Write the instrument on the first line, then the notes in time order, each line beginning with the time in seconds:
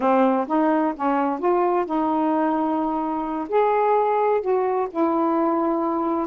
saxophone
0.00 C4
0.47 D#4
0.96 C#4
1.39 F4
1.85 D#4
3.48 G#4
4.41 F#4
4.90 E4